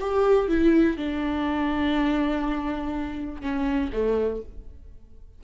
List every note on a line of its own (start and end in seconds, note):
0.00 0.48 G4
0.48 0.97 E4
0.97 3.41 D4
3.41 3.91 C#4
3.93 4.42 A3